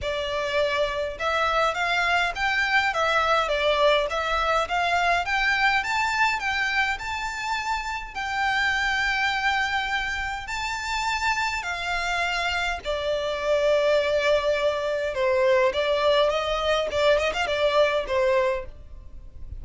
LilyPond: \new Staff \with { instrumentName = "violin" } { \time 4/4 \tempo 4 = 103 d''2 e''4 f''4 | g''4 e''4 d''4 e''4 | f''4 g''4 a''4 g''4 | a''2 g''2~ |
g''2 a''2 | f''2 d''2~ | d''2 c''4 d''4 | dis''4 d''8 dis''16 f''16 d''4 c''4 | }